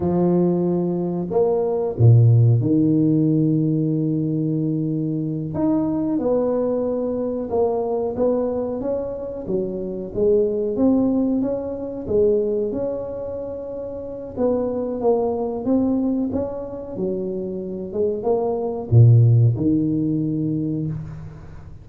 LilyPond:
\new Staff \with { instrumentName = "tuba" } { \time 4/4 \tempo 4 = 92 f2 ais4 ais,4 | dis1~ | dis8 dis'4 b2 ais8~ | ais8 b4 cis'4 fis4 gis8~ |
gis8 c'4 cis'4 gis4 cis'8~ | cis'2 b4 ais4 | c'4 cis'4 fis4. gis8 | ais4 ais,4 dis2 | }